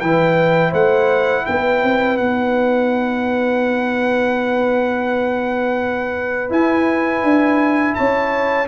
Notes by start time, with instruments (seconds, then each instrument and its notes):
0.00 tuba E3, trombone E4, horn B4, trumpet G5
0.70 tuba A3, horn C5, trumpet F#5
1.46 tuba B3, horn B4, trumpet G5
1.83 tuba C4
2.17 tuba B3, trombone D#4, trumpet F#5
6.49 trombone E4, tuba E4, trumpet G#5
7.23 tuba D4
7.95 tuba C#4, horn C#5, trumpet A5